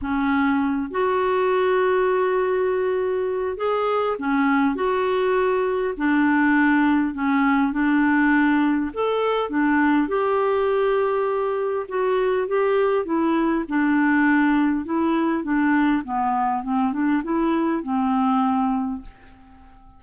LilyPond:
\new Staff \with { instrumentName = "clarinet" } { \time 4/4 \tempo 4 = 101 cis'4. fis'2~ fis'8~ | fis'2 gis'4 cis'4 | fis'2 d'2 | cis'4 d'2 a'4 |
d'4 g'2. | fis'4 g'4 e'4 d'4~ | d'4 e'4 d'4 b4 | c'8 d'8 e'4 c'2 | }